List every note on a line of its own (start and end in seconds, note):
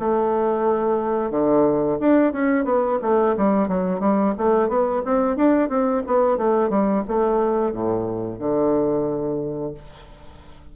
0.00 1.31 A3
1.31 1.98 D3
2.00 2.33 D4
2.33 2.65 C#4
2.65 2.99 B3
3.02 3.36 A3
3.37 3.68 G3
3.68 4.00 F#3
4.00 4.34 G3
4.38 4.69 A3
4.69 5.03 B3
5.05 5.37 C4
5.37 5.69 D4
5.69 6.03 C4
6.07 6.38 B3
6.38 6.70 A3
6.70 7.04 G3
7.08 7.73 A3
7.73 8.39 A2
8.39 9.74 D3